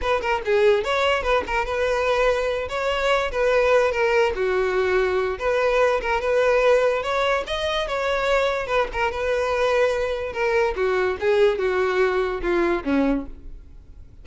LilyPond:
\new Staff \with { instrumentName = "violin" } { \time 4/4 \tempo 4 = 145 b'8 ais'8 gis'4 cis''4 b'8 ais'8 | b'2~ b'8 cis''4. | b'4. ais'4 fis'4.~ | fis'4 b'4. ais'8 b'4~ |
b'4 cis''4 dis''4 cis''4~ | cis''4 b'8 ais'8 b'2~ | b'4 ais'4 fis'4 gis'4 | fis'2 f'4 cis'4 | }